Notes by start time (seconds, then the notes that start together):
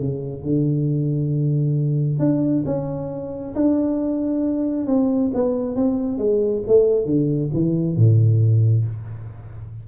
0.00 C#3
0.43 D3
2.19 D4
2.66 C#4
3.56 D4
4.87 C4
5.34 B3
5.76 C4
6.18 G#3
6.68 A3
7.06 D3
7.54 E3
7.97 A2